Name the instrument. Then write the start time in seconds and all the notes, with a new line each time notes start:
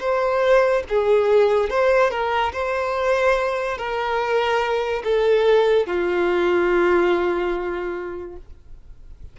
violin
0.00 C5
0.89 G#4
1.70 C5
2.11 A#4
2.53 C5
3.78 A#4
5.04 A4
5.87 F4